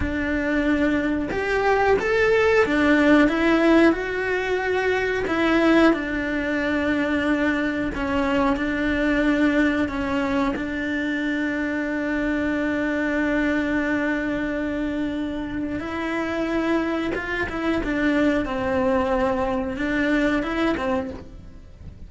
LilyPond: \new Staff \with { instrumentName = "cello" } { \time 4/4 \tempo 4 = 91 d'2 g'4 a'4 | d'4 e'4 fis'2 | e'4 d'2. | cis'4 d'2 cis'4 |
d'1~ | d'1 | e'2 f'8 e'8 d'4 | c'2 d'4 e'8 c'8 | }